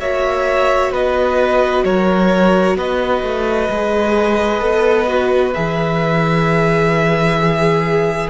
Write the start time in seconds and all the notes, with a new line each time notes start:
0.00 A#3 F#4 C#5 E5
0.92 B3 B4 D#5
1.84 F#3 A#4 C#5
2.76 B3 B4 D#5
3.23 A3
3.70 G#3 G#4
4.61 B3 A4
5.07 F#4
5.54 E3 G#4 E5
7.42 G#4